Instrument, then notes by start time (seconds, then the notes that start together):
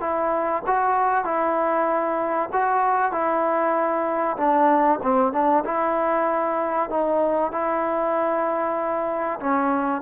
trombone
0.00 E4
0.66 F#4
1.24 E4
2.52 F#4
3.11 E4
4.37 D4
5.02 C4
5.32 D4
5.64 E4
6.89 D#4
7.52 E4
9.40 C#4